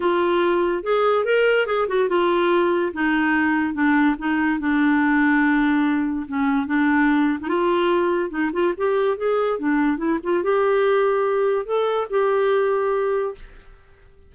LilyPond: \new Staff \with { instrumentName = "clarinet" } { \time 4/4 \tempo 4 = 144 f'2 gis'4 ais'4 | gis'8 fis'8 f'2 dis'4~ | dis'4 d'4 dis'4 d'4~ | d'2. cis'4 |
d'4.~ d'16 dis'16 f'2 | dis'8 f'8 g'4 gis'4 d'4 | e'8 f'8 g'2. | a'4 g'2. | }